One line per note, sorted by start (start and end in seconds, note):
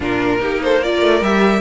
0.00 0.40 A#2
0.00 0.39 D4
0.00 0.40 F4
0.00 0.63 A#4
0.39 1.01 A#3
0.39 0.80 D#4
0.39 0.62 G4
0.63 0.80 A4
0.63 0.83 C5
0.80 1.21 F4
0.80 1.61 A#4
0.80 1.23 D5
1.01 1.21 A3
1.21 1.61 G3
1.21 1.61 G4
1.21 1.61 E5